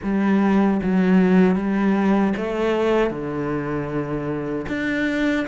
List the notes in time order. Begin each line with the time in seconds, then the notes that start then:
0.02 G3
0.82 F#3
1.55 G3
2.36 A3
3.10 D3
4.68 D4